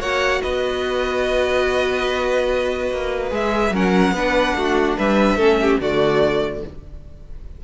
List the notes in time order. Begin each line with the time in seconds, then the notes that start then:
0.00 A#3 F#4 C#5 F#5
0.42 B3 B4 D#5
2.92 A#3
3.31 G#3 G#4 E5
3.71 F#3 C#4 A#4 F#5
4.12 B3 D4 B4
4.56 A3 F#4
4.98 G3 B4 E5
5.37 A3 C#4 A4
5.62 G4
5.80 D3 A3 F#4 D5